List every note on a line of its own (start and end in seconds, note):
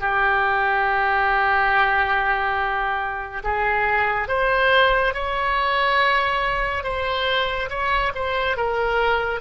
0.00 3.43 G4
3.44 4.28 G#4
4.28 5.14 C5
5.14 6.83 C#5
6.83 7.69 C5
7.69 8.12 C#5
8.15 8.57 C5
8.57 9.41 A#4